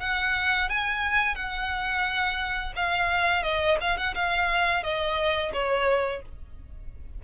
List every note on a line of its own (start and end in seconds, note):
0.00 0.69 F#5
0.69 1.35 G#5
1.35 2.73 F#5
2.76 3.43 F5
3.43 3.77 D#5
3.81 3.97 F5
3.97 4.14 F#5
4.14 4.83 F5
4.83 5.52 D#5
5.53 6.22 C#5